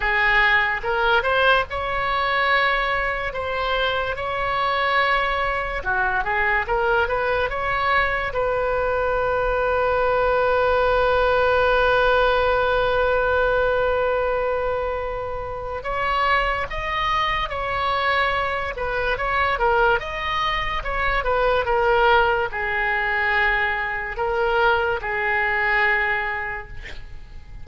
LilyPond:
\new Staff \with { instrumentName = "oboe" } { \time 4/4 \tempo 4 = 72 gis'4 ais'8 c''8 cis''2 | c''4 cis''2 fis'8 gis'8 | ais'8 b'8 cis''4 b'2~ | b'1~ |
b'2. cis''4 | dis''4 cis''4. b'8 cis''8 ais'8 | dis''4 cis''8 b'8 ais'4 gis'4~ | gis'4 ais'4 gis'2 | }